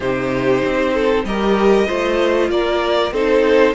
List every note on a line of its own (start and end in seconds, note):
0.00 0.62 C3
0.00 1.26 D#4
0.00 0.93 G4
0.00 1.25 C5
0.64 1.24 C4
0.93 1.25 A4
1.24 1.87 G3
1.24 1.87 G4
1.24 1.86 A#4
1.24 2.50 D#5
1.86 2.50 A3
1.86 3.12 F4
1.86 2.49 C5
2.50 3.11 A#3
2.50 3.13 A#4
2.50 3.13 D5
3.11 3.74 C4
3.11 3.74 D#4
3.11 3.74 A4
3.11 3.74 C5